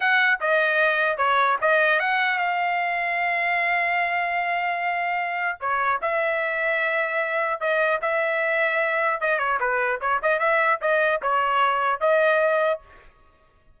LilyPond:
\new Staff \with { instrumentName = "trumpet" } { \time 4/4 \tempo 4 = 150 fis''4 dis''2 cis''4 | dis''4 fis''4 f''2~ | f''1~ | f''2 cis''4 e''4~ |
e''2. dis''4 | e''2. dis''8 cis''8 | b'4 cis''8 dis''8 e''4 dis''4 | cis''2 dis''2 | }